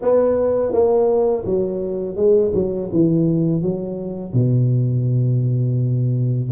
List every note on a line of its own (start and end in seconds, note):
0.01 0.72 B3
0.72 1.44 A#3
1.45 2.16 F#3
2.16 2.52 G#3
2.54 2.90 F#3
2.92 3.61 E3
3.61 4.33 F#3
4.33 6.50 B2